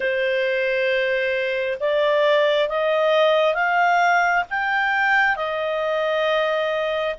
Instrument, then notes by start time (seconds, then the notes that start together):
clarinet
0.00 C5
1.80 D5
2.69 D#5
3.54 F5
4.50 G5
5.36 D#5